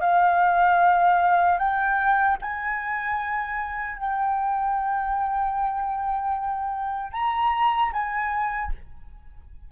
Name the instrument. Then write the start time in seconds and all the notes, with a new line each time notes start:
flute
0.00 F5
1.58 G5
2.42 G#5
3.97 G5
7.13 A#5
7.93 G#5